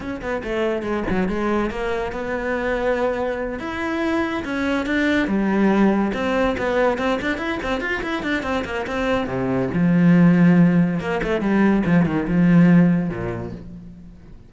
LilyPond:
\new Staff \with { instrumentName = "cello" } { \time 4/4 \tempo 4 = 142 cis'8 b8 a4 gis8 fis8 gis4 | ais4 b2.~ | b8 e'2 cis'4 d'8~ | d'8 g2 c'4 b8~ |
b8 c'8 d'8 e'8 c'8 f'8 e'8 d'8 | c'8 ais8 c'4 c4 f4~ | f2 ais8 a8 g4 | f8 dis8 f2 ais,4 | }